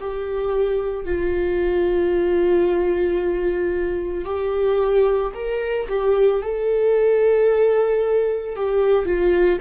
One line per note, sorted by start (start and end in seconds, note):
0.00 1.05 G4
1.05 4.25 F4
4.25 5.32 G4
5.34 5.88 A#4
5.88 6.42 G4
6.42 8.56 A4
8.56 9.05 G4
9.05 9.59 F4